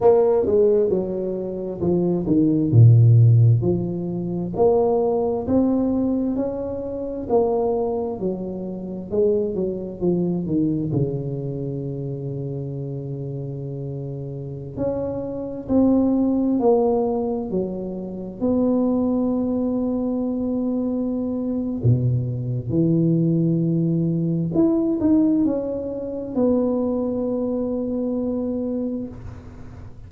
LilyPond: \new Staff \with { instrumentName = "tuba" } { \time 4/4 \tempo 4 = 66 ais8 gis8 fis4 f8 dis8 ais,4 | f4 ais4 c'4 cis'4 | ais4 fis4 gis8 fis8 f8 dis8 | cis1~ |
cis16 cis'4 c'4 ais4 fis8.~ | fis16 b2.~ b8. | b,4 e2 e'8 dis'8 | cis'4 b2. | }